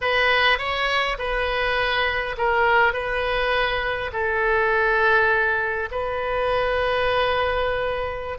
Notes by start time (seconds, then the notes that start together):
0.01 B4
0.58 C#5
1.18 B4
2.37 A#4
2.93 B4
4.12 A4
5.91 B4